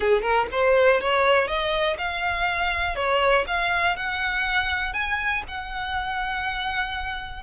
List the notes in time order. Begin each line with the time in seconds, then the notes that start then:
0.00 G#4
0.21 A#4
0.51 C5
1.00 C#5
1.47 D#5
1.98 F5
2.95 C#5
3.47 F5
3.96 F#5
4.93 G#5
5.47 F#5